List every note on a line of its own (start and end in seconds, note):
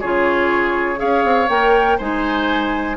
0.00 1.01 C#3
0.00 0.96 F4
0.00 0.99 G#4
0.00 0.99 C#5
0.96 1.24 C#4
0.96 1.45 G#4
0.96 1.97 C#5
0.96 1.48 F5
1.24 1.49 C4
1.49 1.98 A#3
1.49 1.99 A#4
1.49 1.98 G5
1.97 2.96 G#3
1.97 2.96 D#4
1.97 2.96 C5
1.97 2.96 G#5